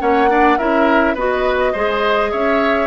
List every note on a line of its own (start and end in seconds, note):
0.00 0.59 A#3
0.00 0.29 C#4
0.00 0.30 C#5
0.00 0.58 F#5
0.29 0.58 D4
0.29 0.59 D5
0.58 1.15 C#4
0.58 1.17 E4
0.58 1.15 A#4
0.58 1.16 E5
1.15 1.73 B3
1.15 1.76 F#4
1.15 1.72 B4
1.15 2.33 D#5
1.73 2.33 G#3
1.73 2.88 G#4
1.73 2.31 C5
2.32 2.88 C#4
2.32 2.88 C#5
2.32 2.88 E5